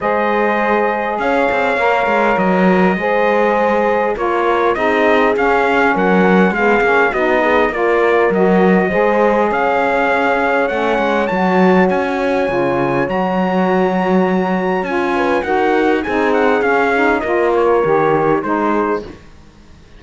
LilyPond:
<<
  \new Staff \with { instrumentName = "trumpet" } { \time 4/4 \tempo 4 = 101 dis''2 f''2 | dis''2. cis''4 | dis''4 f''4 fis''4 f''4 | dis''4 d''4 dis''2 |
f''2 fis''4 a''4 | gis''2 ais''2~ | ais''4 gis''4 fis''4 gis''8 fis''8 | f''4 dis''8 cis''4. c''4 | }
  \new Staff \with { instrumentName = "horn" } { \time 4/4 c''2 cis''2~ | cis''4 c''2 ais'4 | gis'2 ais'4 gis'4 | fis'8 gis'8 ais'2 c''4 |
cis''1~ | cis''1~ | cis''4. b'8 ais'4 gis'4~ | gis'4 ais'2 gis'4 | }
  \new Staff \with { instrumentName = "saxophone" } { \time 4/4 gis'2. ais'4~ | ais'4 gis'2 f'4 | dis'4 cis'2 b8 cis'8 | dis'4 f'4 fis'4 gis'4~ |
gis'2 cis'4 fis'4~ | fis'4 f'4 fis'2~ | fis'4 f'4 fis'4 dis'4 | cis'8 dis'8 f'4 g'4 dis'4 | }
  \new Staff \with { instrumentName = "cello" } { \time 4/4 gis2 cis'8 c'8 ais8 gis8 | fis4 gis2 ais4 | c'4 cis'4 fis4 gis8 ais8 | b4 ais4 fis4 gis4 |
cis'2 a8 gis8 fis4 | cis'4 cis4 fis2~ | fis4 cis'4 dis'4 c'4 | cis'4 ais4 dis4 gis4 | }
>>